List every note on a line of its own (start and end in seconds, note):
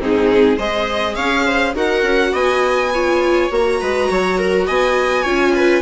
0.00 0.59 G#2
0.00 0.58 C4
0.00 0.57 D#4
0.00 0.59 G#4
0.57 1.17 G#3
0.57 1.75 G#4
0.57 1.15 C5
0.57 1.16 D#5
1.16 1.75 C#4
1.16 1.46 C#5
1.16 1.74 F5
1.47 1.76 C5
1.75 2.04 D#4
1.75 2.92 F#4
1.75 2.33 A#4
1.75 2.36 F#5
2.04 2.33 C#4
2.33 3.50 B3
2.33 2.91 D#5
2.33 3.52 G#5
2.95 3.51 F4
2.95 3.81 C#5
3.51 3.80 A#3
3.51 5.25 F#4
3.51 4.68 A#5
3.81 4.11 G#3
3.81 4.10 B4
4.11 4.69 F#3
4.11 4.38 C#5
4.38 4.67 A#4
4.67 5.26 B3
4.67 5.23 D#5
4.67 5.82 G#5
5.23 5.82 C#4
5.23 5.82 F4
5.23 5.52 C#5
5.57 5.82 B4